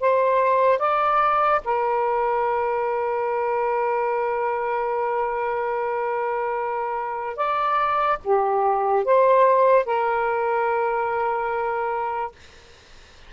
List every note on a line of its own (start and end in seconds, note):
0.00 0.78 C5
0.78 1.61 D5
1.64 7.36 A#4
7.36 8.18 D5
8.23 9.04 G4
9.04 9.85 C5
9.85 12.32 A#4